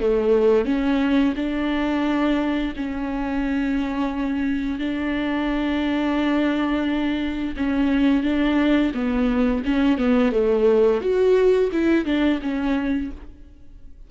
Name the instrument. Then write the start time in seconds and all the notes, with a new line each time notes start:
viola
0.00 A3
0.65 C#4
1.36 D4
2.76 C#4
4.79 D4
7.56 C#4
8.23 D4
8.94 B3
9.65 C#4
9.98 B3
10.32 A3
11.01 F#4
11.72 E4
12.05 D4
12.41 C#4